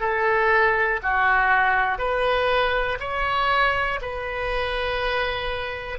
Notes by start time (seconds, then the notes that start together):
0.00 A4
1.03 F#4
1.99 B4
3.00 C#5
4.01 B4